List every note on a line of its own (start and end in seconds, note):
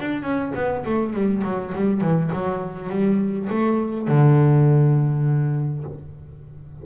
0.00 0.22 D4
0.22 0.51 C#4
0.55 0.84 B3
0.85 1.13 A3
1.13 1.42 G3
1.43 1.73 F#3
1.74 2.01 G3
2.01 2.30 E3
2.33 2.89 F#3
2.89 3.48 G3
3.49 4.07 A3
4.07 5.84 D3